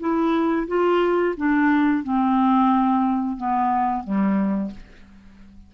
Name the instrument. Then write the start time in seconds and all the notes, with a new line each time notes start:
clarinet
0.00 E4
0.68 F4
1.37 D4
2.04 C4
3.37 B3
4.04 G3